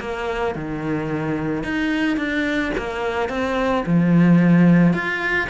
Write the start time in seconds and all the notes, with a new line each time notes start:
0.00 A#3
0.55 D#3
1.63 D#4
2.17 D4
2.77 A#3
3.29 C4
3.86 F3
4.93 F4